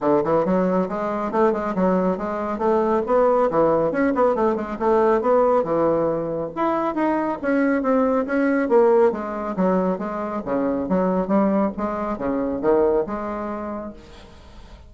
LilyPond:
\new Staff \with { instrumentName = "bassoon" } { \time 4/4 \tempo 4 = 138 d8 e8 fis4 gis4 a8 gis8 | fis4 gis4 a4 b4 | e4 cis'8 b8 a8 gis8 a4 | b4 e2 e'4 |
dis'4 cis'4 c'4 cis'4 | ais4 gis4 fis4 gis4 | cis4 fis4 g4 gis4 | cis4 dis4 gis2 | }